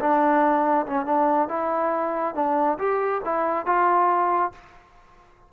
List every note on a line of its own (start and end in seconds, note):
0.00 0.86 D4
0.87 1.06 C#4
1.06 1.49 D4
1.49 2.35 E4
2.35 2.78 D4
2.79 3.22 G4
3.25 3.66 E4
3.66 4.52 F4